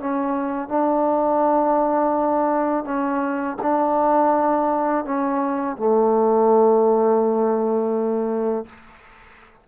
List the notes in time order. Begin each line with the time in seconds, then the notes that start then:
0.00 C#4
0.69 D4
2.85 C#4
3.62 D4
5.05 C#4
5.77 A3